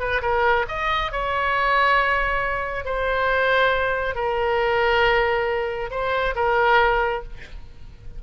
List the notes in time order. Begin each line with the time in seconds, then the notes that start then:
0.00 B4
0.22 A#4
0.68 D#5
1.12 C#5
2.85 C5
4.16 A#4
5.91 C5
6.36 A#4